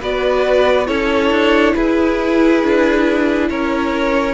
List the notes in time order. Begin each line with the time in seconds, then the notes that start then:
0.00 B3 F#4 B4 D5
0.86 C#4 E4 A4 C#5
1.30 D4
1.73 E4 G#4 B4
2.63 D4
3.49 C#4 A#4 C#5